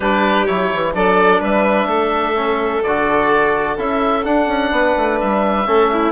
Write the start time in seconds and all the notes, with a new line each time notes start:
0.00 G3 D4 G4 B4
0.46 F#3 E4 C#5
0.73 E3
0.94 F#3 D4 A4 D5
1.40 G3 B4 E5
1.86 A3 A4
2.35 C#4
2.83 D3 F#4 D5
3.77 C#4 E4 E5
4.23 D4 F#5
4.47 C#4
4.71 B3 B4
4.97 A3
5.19 G3 E5
5.66 A3 C#4 A4
5.92 E4